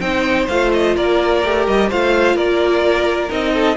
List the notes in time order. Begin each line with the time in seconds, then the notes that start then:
0.00 C4 D#4 C5 G5
0.49 A3 F4 F5
0.73 D#5
0.96 A#3 A#4 D5
1.44 A3 G4
1.67 G3 D#5
1.90 A3 F4 C5 F5
2.35 A#3 A#4 D5
3.29 C4 D#4 D#5
3.54 A4